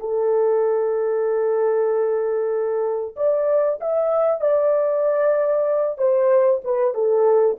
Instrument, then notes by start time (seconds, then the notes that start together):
horn
0.00 A4
3.16 D5
3.81 E5
4.41 D5
5.98 C5
6.64 B4
6.94 A4